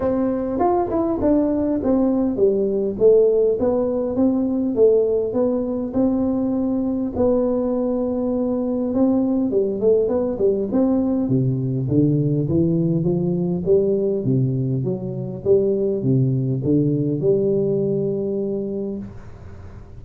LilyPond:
\new Staff \with { instrumentName = "tuba" } { \time 4/4 \tempo 4 = 101 c'4 f'8 e'8 d'4 c'4 | g4 a4 b4 c'4 | a4 b4 c'2 | b2. c'4 |
g8 a8 b8 g8 c'4 c4 | d4 e4 f4 g4 | c4 fis4 g4 c4 | d4 g2. | }